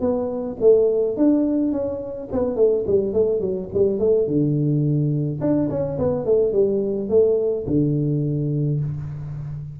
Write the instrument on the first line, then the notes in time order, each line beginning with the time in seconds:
tuba
0.00 B3
0.60 A3
1.17 D4
1.72 C#4
2.32 B3
2.56 A3
2.87 G3
3.13 A3
3.40 F#3
3.73 G3
3.99 A3
4.27 D3
5.41 D4
5.69 C#4
5.98 B3
6.25 A3
6.52 G3
7.09 A3
7.66 D3